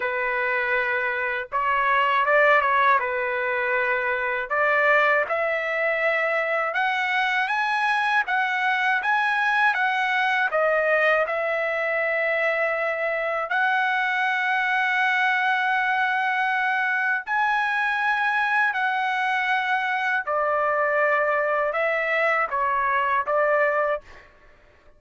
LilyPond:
\new Staff \with { instrumentName = "trumpet" } { \time 4/4 \tempo 4 = 80 b'2 cis''4 d''8 cis''8 | b'2 d''4 e''4~ | e''4 fis''4 gis''4 fis''4 | gis''4 fis''4 dis''4 e''4~ |
e''2 fis''2~ | fis''2. gis''4~ | gis''4 fis''2 d''4~ | d''4 e''4 cis''4 d''4 | }